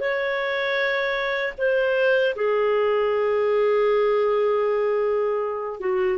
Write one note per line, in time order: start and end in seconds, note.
0.00 1.54 C#5
1.58 2.35 C5
2.36 5.80 G#4
5.80 6.18 F#4